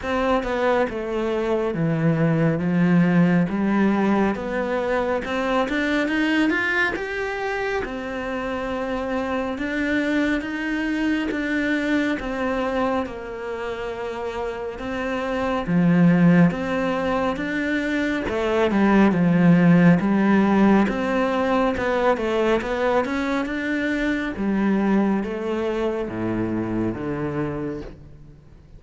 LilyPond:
\new Staff \with { instrumentName = "cello" } { \time 4/4 \tempo 4 = 69 c'8 b8 a4 e4 f4 | g4 b4 c'8 d'8 dis'8 f'8 | g'4 c'2 d'4 | dis'4 d'4 c'4 ais4~ |
ais4 c'4 f4 c'4 | d'4 a8 g8 f4 g4 | c'4 b8 a8 b8 cis'8 d'4 | g4 a4 a,4 d4 | }